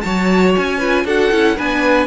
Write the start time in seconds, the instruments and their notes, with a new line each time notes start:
0.00 cello F#3, viola F#4, violin C#5 A5
0.55 cello C#4, violin G#5
0.78 viola F4, violin B4
1.05 cello D4, viola F#4, violin A4 F#5
1.31 cello C#4, viola E4
1.56 cello B3, viola D4, violin B4 G#5